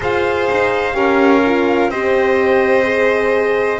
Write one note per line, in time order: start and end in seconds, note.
0.00 0.49 F4
0.00 0.92 G#4
0.00 0.95 C5
0.00 1.90 F5
0.50 0.94 D#4
0.92 1.88 C#4
0.92 1.40 G4
0.92 1.90 A#4
1.45 1.92 F4
1.88 3.79 C4
1.88 2.83 G4
1.88 3.80 C5
1.88 3.80 D#5
2.83 3.78 G#4